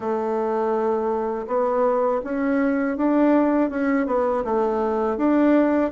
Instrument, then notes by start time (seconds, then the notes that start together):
bassoon
0.00 A3
1.46 B3
2.24 C#4
2.97 D4
3.70 C#4
4.06 B3
4.44 A3
5.17 D4